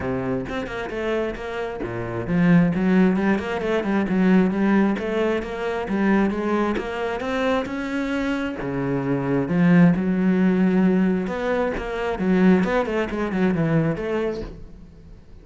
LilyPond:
\new Staff \with { instrumentName = "cello" } { \time 4/4 \tempo 4 = 133 c4 c'8 ais8 a4 ais4 | ais,4 f4 fis4 g8 ais8 | a8 g8 fis4 g4 a4 | ais4 g4 gis4 ais4 |
c'4 cis'2 cis4~ | cis4 f4 fis2~ | fis4 b4 ais4 fis4 | b8 a8 gis8 fis8 e4 a4 | }